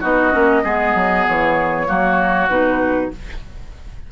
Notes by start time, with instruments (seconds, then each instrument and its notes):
0.00 bassoon B3, clarinet D#4, oboe F#4, flute D#5
0.32 bassoon A#3, clarinet C#4
0.63 bassoon G#3, clarinet B3, oboe G#4
0.94 bassoon F#3
1.28 bassoon E3, flute C#5
1.86 bassoon F#3, clarinet A#3, oboe F#4
2.48 bassoon B2, clarinet D#4, flute B4